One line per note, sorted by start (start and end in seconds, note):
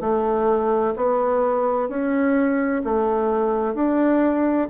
0.00 0.94 A3
0.96 1.88 B3
1.88 2.82 C#4
2.83 3.74 A3
3.74 4.68 D4